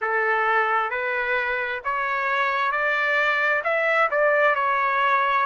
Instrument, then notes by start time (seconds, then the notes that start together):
trumpet
0.01 A4
0.90 B4
1.84 C#5
2.71 D5
3.64 E5
4.10 D5
4.55 C#5